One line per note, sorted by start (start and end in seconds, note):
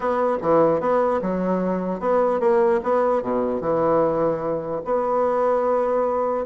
0.00 0.37 B3
0.42 0.80 E3
0.80 1.20 B3
1.21 2.00 F#3
2.00 2.40 B3
2.40 2.80 A#3
2.83 3.22 B3
3.22 3.60 B2
3.60 4.81 E3
4.84 6.45 B3